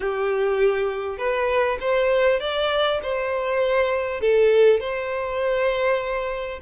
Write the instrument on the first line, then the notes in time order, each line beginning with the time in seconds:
violin
0.00 G4
1.18 B4
1.80 C5
2.39 D5
3.02 C5
4.21 A4
4.80 C5